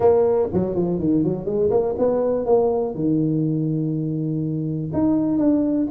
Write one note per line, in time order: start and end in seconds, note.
0.00 0.48 A#3
0.53 0.75 F#3
0.75 0.99 F3
0.99 1.23 D#3
1.24 1.45 F#3
1.45 1.70 G#3
1.70 1.95 A#3
1.98 2.45 B3
2.45 2.94 A#3
2.94 4.91 D#3
4.93 5.38 D#4
5.38 5.87 D4